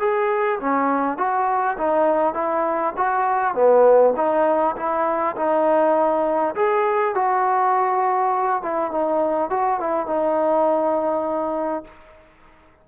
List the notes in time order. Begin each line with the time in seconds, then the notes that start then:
0.00 G#4
0.60 C#4
1.18 F#4
1.78 D#4
2.34 E4
2.97 F#4
3.54 B3
4.16 D#4
4.76 E4
5.36 D#4
6.56 G#4
7.15 F#4
8.63 E4
8.92 D#4
9.50 F#4
9.80 E4
10.06 D#4